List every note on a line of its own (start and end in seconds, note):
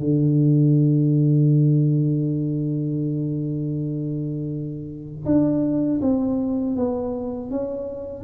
0.00 5.25 D3
5.26 6.01 D4
6.02 6.77 C4
6.77 7.51 B3
7.51 8.24 C#4